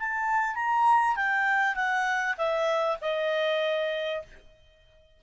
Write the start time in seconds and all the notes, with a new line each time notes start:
0.00 A5
0.56 A#5
1.17 G5
1.76 F#5
2.38 E5
3.01 D#5